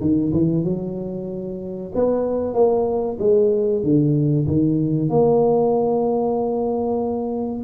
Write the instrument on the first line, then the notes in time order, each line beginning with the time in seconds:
tuba
0.00 D#3
0.32 E3
0.64 F#3
1.95 B3
2.54 A#3
3.19 G#3
3.83 D3
4.47 D#3
5.09 A#3